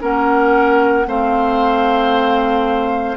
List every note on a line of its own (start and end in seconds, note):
0.00 1.07 A#3
0.00 1.05 C#4
0.00 1.07 A#4
0.00 1.08 F#5
1.06 3.17 A3
1.06 3.17 C4
1.06 3.17 C5
1.06 3.17 F5